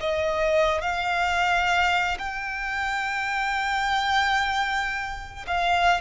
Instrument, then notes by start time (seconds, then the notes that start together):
violin
0.00 D#5
0.81 F5
2.19 G5
5.47 F5